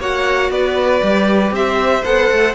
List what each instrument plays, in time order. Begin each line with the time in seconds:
0.00 cello A#3, viola F#4, violin C#5 F#5
0.51 cello B3, violin B4 D5
1.02 cello G3, viola G4
1.52 cello C4, violin C5 E5
2.05 cello B3, viola A4, violin F#5
2.31 cello A3